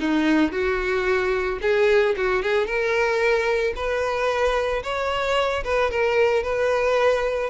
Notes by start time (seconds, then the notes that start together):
0.00 D#4
0.52 F#4
1.62 G#4
2.17 F#4
2.43 G#4
2.67 A#4
3.76 B4
4.84 C#5
5.64 B4
5.91 A#4
6.43 B4